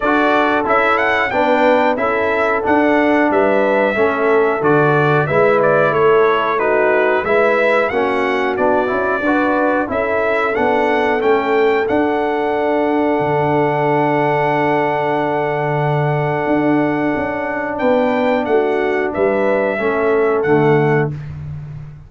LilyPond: <<
  \new Staff \with { instrumentName = "trumpet" } { \time 4/4 \tempo 4 = 91 d''4 e''8 fis''8 g''4 e''4 | fis''4 e''2 d''4 | e''8 d''8 cis''4 b'4 e''4 | fis''4 d''2 e''4 |
fis''4 g''4 fis''2~ | fis''1~ | fis''2. g''4 | fis''4 e''2 fis''4 | }
  \new Staff \with { instrumentName = "horn" } { \time 4/4 a'2 b'4 a'4~ | a'4 b'4 a'2 | b'4 a'4 fis'4 b'4 | fis'2 b'4 a'4~ |
a'1~ | a'1~ | a'2. b'4 | fis'4 b'4 a'2 | }
  \new Staff \with { instrumentName = "trombone" } { \time 4/4 fis'4 e'4 d'4 e'4 | d'2 cis'4 fis'4 | e'2 dis'4 e'4 | cis'4 d'8 e'8 fis'4 e'4 |
d'4 cis'4 d'2~ | d'1~ | d'1~ | d'2 cis'4 a4 | }
  \new Staff \with { instrumentName = "tuba" } { \time 4/4 d'4 cis'4 b4 cis'4 | d'4 g4 a4 d4 | gis4 a2 gis4 | ais4 b8 cis'8 d'4 cis'4 |
b4 a4 d'2 | d1~ | d4 d'4 cis'4 b4 | a4 g4 a4 d4 | }
>>